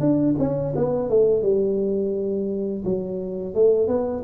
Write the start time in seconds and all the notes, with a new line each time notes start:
0.00 D4
0.39 C#4
0.76 B3
1.10 A3
1.42 G3
2.85 F#3
3.55 A3
3.88 B3